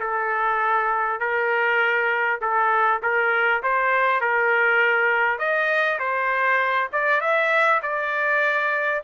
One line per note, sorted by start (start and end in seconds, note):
0.00 1.20 A4
1.20 2.40 A#4
2.41 3.01 A4
3.02 3.62 A#4
3.62 4.21 C5
4.21 5.39 A#4
5.39 5.99 D#5
5.99 6.89 C5
6.92 7.21 D5
7.21 7.81 E5
7.82 9.02 D5